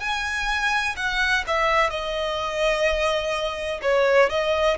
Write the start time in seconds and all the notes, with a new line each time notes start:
0.00 G#5
0.96 F#5
1.47 E5
1.90 D#5
3.82 C#5
4.29 D#5